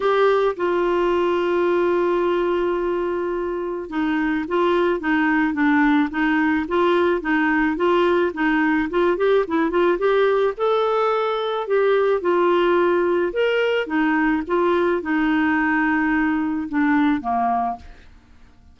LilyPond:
\new Staff \with { instrumentName = "clarinet" } { \time 4/4 \tempo 4 = 108 g'4 f'2.~ | f'2. dis'4 | f'4 dis'4 d'4 dis'4 | f'4 dis'4 f'4 dis'4 |
f'8 g'8 e'8 f'8 g'4 a'4~ | a'4 g'4 f'2 | ais'4 dis'4 f'4 dis'4~ | dis'2 d'4 ais4 | }